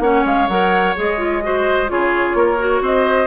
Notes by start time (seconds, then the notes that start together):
0.00 A#3 C#4 C#5 F#5
0.25 G#3 F5
0.49 F#3 A#4 F#5
0.97 G#3 G#4 D#5
1.18 F4
1.43 F#4 C5
1.88 C#3 F4 G#4 C#5
2.35 A#3 A#4
2.58 F#4
2.81 C4 C5 D#5